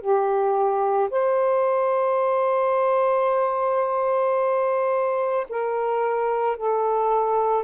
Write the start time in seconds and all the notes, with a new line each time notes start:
0.00 G4
1.10 C5
5.49 A#4
6.56 A4